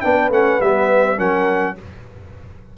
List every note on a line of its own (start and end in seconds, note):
0.00 0.29 B3
0.00 0.32 D4
0.00 1.17 B4
0.00 0.29 G5
0.29 0.58 A3
0.29 0.61 C#4
0.29 0.60 F#5
0.60 1.18 G3
0.60 1.16 B3
0.60 1.19 E5
1.16 1.76 F#3
1.16 1.75 C#4
1.16 1.75 A#4
1.16 1.77 F#5